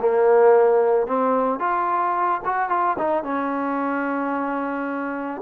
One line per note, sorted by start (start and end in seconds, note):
0.00 1.08 A#3
1.08 1.60 C4
1.60 2.41 F4
2.45 2.70 F#4
2.70 2.97 F4
2.99 3.24 D#4
3.24 5.42 C#4